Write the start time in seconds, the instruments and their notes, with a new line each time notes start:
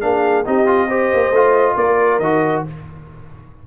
0.00 tuba A#3, trombone D4, horn G#4, trumpet F5
0.45 tuba C4, trombone D#4, horn G4, trumpet D#5
0.66 trombone F4
0.87 trombone G4, horn C5
1.14 tuba A#3
1.31 tuba A3, trombone F4
1.76 tuba A#3, horn A#4, trumpet D5
2.19 tuba D#3, trombone F#4, trumpet D#5